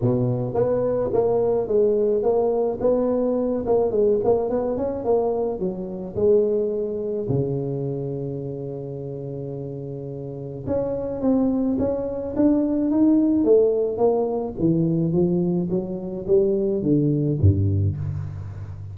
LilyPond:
\new Staff \with { instrumentName = "tuba" } { \time 4/4 \tempo 4 = 107 b,4 b4 ais4 gis4 | ais4 b4. ais8 gis8 ais8 | b8 cis'8 ais4 fis4 gis4~ | gis4 cis2.~ |
cis2. cis'4 | c'4 cis'4 d'4 dis'4 | a4 ais4 e4 f4 | fis4 g4 d4 g,4 | }